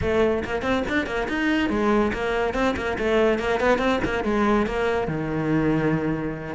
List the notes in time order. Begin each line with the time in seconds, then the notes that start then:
0.01 A3
0.44 A#3
0.62 C4
0.88 D4
1.06 A#3
1.28 D#4
1.69 G#3
2.13 A#3
2.54 C4
2.76 A#3
2.98 A3
3.38 A#3
3.60 B3
3.78 C4
4.04 A#3
4.24 G#3
4.66 A#3
5.07 D#3